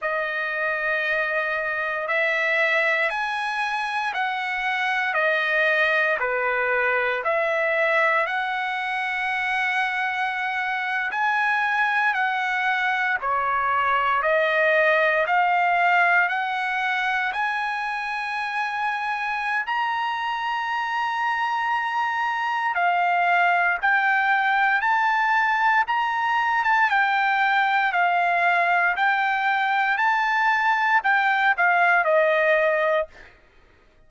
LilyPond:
\new Staff \with { instrumentName = "trumpet" } { \time 4/4 \tempo 4 = 58 dis''2 e''4 gis''4 | fis''4 dis''4 b'4 e''4 | fis''2~ fis''8. gis''4 fis''16~ | fis''8. cis''4 dis''4 f''4 fis''16~ |
fis''8. gis''2~ gis''16 ais''4~ | ais''2 f''4 g''4 | a''4 ais''8. a''16 g''4 f''4 | g''4 a''4 g''8 f''8 dis''4 | }